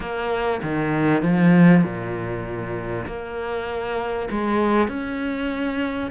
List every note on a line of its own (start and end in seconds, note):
0.00 0.61 A#3
0.62 1.22 D#3
1.22 1.83 F3
1.83 3.06 A#2
3.06 4.28 A#3
4.30 4.88 G#3
4.88 6.10 C#4